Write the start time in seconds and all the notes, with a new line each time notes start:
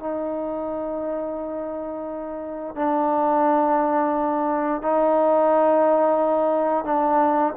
0.00 D#4
2.75 D4
4.82 D#4
6.85 D4